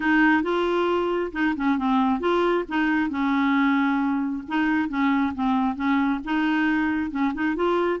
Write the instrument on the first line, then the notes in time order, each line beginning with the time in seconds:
clarinet
0.00 D#4
0.42 F4
1.32 D#4
1.56 C#4
1.78 C4
2.20 F4
2.68 D#4
3.09 C#4
4.47 D#4
4.88 C#4
5.34 C4
5.75 C#4
6.24 D#4
7.10 C#4
7.34 D#4
7.55 F4